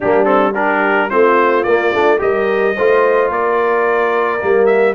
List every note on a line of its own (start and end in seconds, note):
0.00 1.12 G3
0.00 0.24 A#3
0.00 0.53 D4
0.00 0.24 G4
0.24 0.52 C4
0.24 0.52 A4
0.53 1.10 D4
0.53 1.08 G4
0.53 1.09 A#4
1.10 1.65 A3
1.10 1.65 C4
1.10 2.20 F4
1.10 1.63 C5
1.63 1.92 A#3
1.63 1.94 A#3
1.63 2.18 D5
1.93 2.20 A3
1.93 2.18 D4
2.18 2.75 G3
2.18 2.73 G4
2.18 2.75 A#4
2.18 3.31 D#5
2.75 3.29 A3
2.75 4.39 F4
2.75 3.30 C5
3.29 4.39 A#3
3.29 4.95 A#4
3.29 4.66 D5
4.39 4.95 G3
4.39 4.94 A#3
4.66 4.93 E5